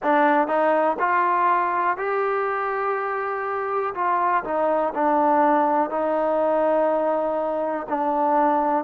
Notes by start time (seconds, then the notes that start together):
0.02 D4
0.47 D#4
0.99 F4
1.97 G4
3.94 F4
4.44 D#4
4.94 D4
5.90 D#4
7.88 D4